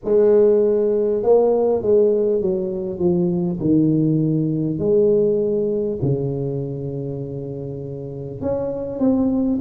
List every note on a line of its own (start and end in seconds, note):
0.04 1.23 G#3
1.23 1.82 A#3
1.82 2.41 G#3
2.41 2.98 F#3
2.98 3.58 F3
3.59 4.78 D#3
4.78 5.98 G#3
6.02 8.41 C#3
8.41 8.99 C#4
8.99 9.59 C4